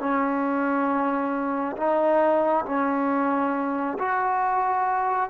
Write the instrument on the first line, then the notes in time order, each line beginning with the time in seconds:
trombone
0.00 C#4
1.77 D#4
2.66 C#4
3.99 F#4